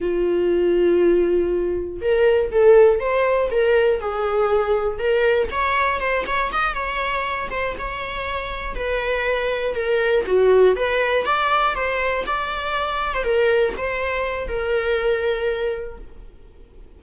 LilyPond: \new Staff \with { instrumentName = "viola" } { \time 4/4 \tempo 4 = 120 f'1 | ais'4 a'4 c''4 ais'4 | gis'2 ais'4 cis''4 | c''8 cis''8 dis''8 cis''4. c''8 cis''8~ |
cis''4. b'2 ais'8~ | ais'8 fis'4 b'4 d''4 c''8~ | c''8 d''4.~ d''16 c''16 ais'4 c''8~ | c''4 ais'2. | }